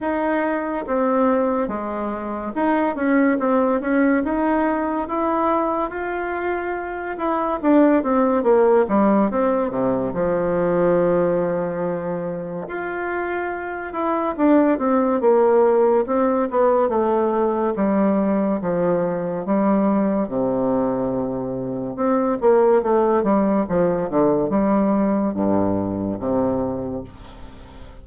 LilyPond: \new Staff \with { instrumentName = "bassoon" } { \time 4/4 \tempo 4 = 71 dis'4 c'4 gis4 dis'8 cis'8 | c'8 cis'8 dis'4 e'4 f'4~ | f'8 e'8 d'8 c'8 ais8 g8 c'8 c8 | f2. f'4~ |
f'8 e'8 d'8 c'8 ais4 c'8 b8 | a4 g4 f4 g4 | c2 c'8 ais8 a8 g8 | f8 d8 g4 g,4 c4 | }